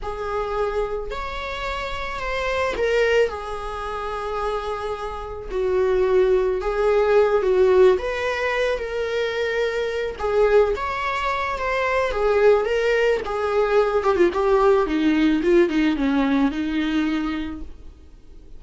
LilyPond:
\new Staff \with { instrumentName = "viola" } { \time 4/4 \tempo 4 = 109 gis'2 cis''2 | c''4 ais'4 gis'2~ | gis'2 fis'2 | gis'4. fis'4 b'4. |
ais'2~ ais'8 gis'4 cis''8~ | cis''4 c''4 gis'4 ais'4 | gis'4. g'16 f'16 g'4 dis'4 | f'8 dis'8 cis'4 dis'2 | }